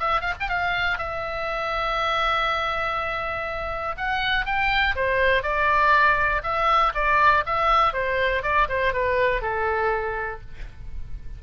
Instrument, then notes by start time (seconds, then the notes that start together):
oboe
0.00 E5
0.21 F5
0.41 G5
0.49 F5
0.98 E5
3.97 F#5
4.46 G5
4.96 C5
5.43 D5
6.43 E5
6.95 D5
7.46 E5
7.93 C5
8.43 D5
8.69 C5
8.93 B4
9.42 A4